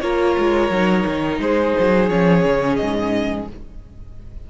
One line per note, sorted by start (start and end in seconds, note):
0.00 0.36 A#3
0.00 0.71 F4
0.00 1.41 A#4
0.00 1.38 C#5
0.38 0.70 G#3
0.70 1.04 F#3
0.70 2.09 D#4
1.06 1.39 D#3
1.39 1.74 G#3
1.39 3.48 G#4
1.39 2.09 C5
1.79 2.10 F#3
2.09 2.44 F3
2.09 3.47 C#4
2.09 2.76 C#5
2.44 2.79 C#3
2.76 3.50 G#2
2.76 3.45 D#5